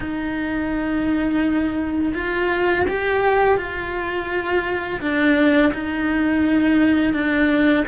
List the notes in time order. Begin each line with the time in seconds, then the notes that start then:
0.00 D#4
2.14 F4
2.87 G4
3.57 F4
5.00 D4
5.73 D#4
7.13 D4